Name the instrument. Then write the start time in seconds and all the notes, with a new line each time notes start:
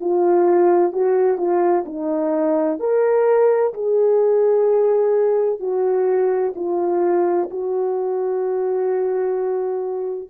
horn
0.00 F4
0.92 F#4
1.37 F4
1.85 D#4
2.79 A#4
3.73 G#4
5.60 F#4
6.55 F4
7.50 F#4